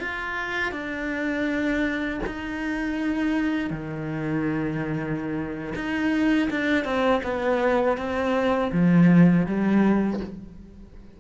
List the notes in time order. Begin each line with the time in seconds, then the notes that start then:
0.00 F4
0.72 D4
2.26 D#4
3.70 D#3
5.75 D#4
6.50 D4
6.85 C4
7.24 B3
7.98 C4
8.72 F3
9.46 G3